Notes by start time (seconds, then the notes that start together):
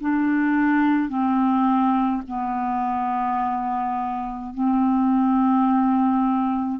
0.00 D4
1.09 C4
2.27 B3
4.54 C4